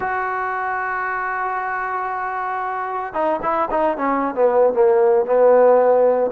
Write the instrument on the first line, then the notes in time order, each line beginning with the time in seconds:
trombone
0.00 F#4
3.13 D#4
3.42 E4
3.70 D#4
3.97 C#4
4.34 B3
4.73 A#3
5.25 B3